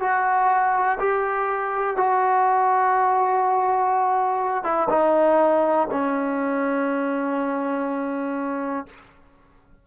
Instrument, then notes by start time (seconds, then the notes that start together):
trombone
0.00 F#4
1.00 G4
1.97 F#4
4.64 E4
4.90 D#4
5.92 C#4